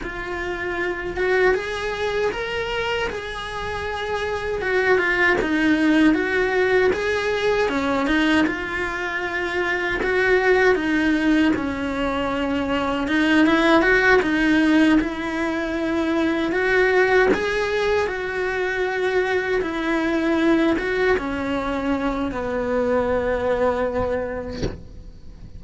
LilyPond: \new Staff \with { instrumentName = "cello" } { \time 4/4 \tempo 4 = 78 f'4. fis'8 gis'4 ais'4 | gis'2 fis'8 f'8 dis'4 | fis'4 gis'4 cis'8 dis'8 f'4~ | f'4 fis'4 dis'4 cis'4~ |
cis'4 dis'8 e'8 fis'8 dis'4 e'8~ | e'4. fis'4 gis'4 fis'8~ | fis'4. e'4. fis'8 cis'8~ | cis'4 b2. | }